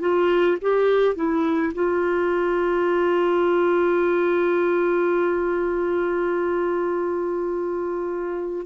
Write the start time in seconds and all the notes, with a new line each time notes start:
0.00 F4
0.61 G4
1.15 E4
1.74 F4